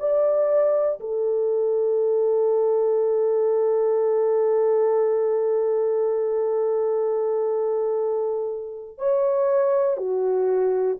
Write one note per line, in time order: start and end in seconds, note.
0.00 1.00 D5
1.00 8.99 A4
8.99 9.97 C#5
9.97 10.97 F#4